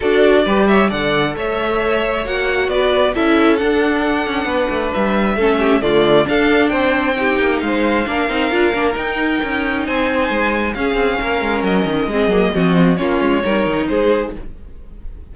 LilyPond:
<<
  \new Staff \with { instrumentName = "violin" } { \time 4/4 \tempo 4 = 134 d''4. e''8 fis''4 e''4~ | e''4 fis''4 d''4 e''4 | fis''2. e''4~ | e''4 d''4 f''4 g''4~ |
g''4 f''2. | g''2 gis''2 | f''2 dis''2~ | dis''4 cis''2 c''4 | }
  \new Staff \with { instrumentName = "violin" } { \time 4/4 a'4 b'8 cis''8 d''4 cis''4~ | cis''2 b'4 a'4~ | a'2 b'2 | a'8 g'8 f'4 a'4 c''4 |
g'4 c''4 ais'2~ | ais'2 c''2 | gis'4 ais'2 gis'4 | fis'4 f'4 ais'4 gis'4 | }
  \new Staff \with { instrumentName = "viola" } { \time 4/4 fis'4 g'4 a'2~ | a'4 fis'2 e'4 | d'1 | cis'4 a4 d'2 |
dis'2 d'8 dis'8 f'8 d'8 | dis'1 | cis'2. c'8 ais8 | c'4 cis'4 dis'2 | }
  \new Staff \with { instrumentName = "cello" } { \time 4/4 d'4 g4 d4 a4~ | a4 ais4 b4 cis'4 | d'4. cis'8 b8 a8 g4 | a4 d4 d'4 c'4~ |
c'8 ais8 gis4 ais8 c'8 d'8 ais8 | dis'4 cis'4 c'4 gis4 | cis'8 c'8 ais8 gis8 fis8 dis8 gis8 fis8 | f4 ais8 gis8 g8 dis8 gis4 | }
>>